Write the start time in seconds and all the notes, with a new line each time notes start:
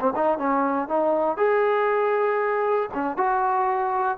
0.00 C4
0.15 D#4
0.38 C#4
0.88 D#4
1.37 G#4
2.94 C#4
3.17 F#4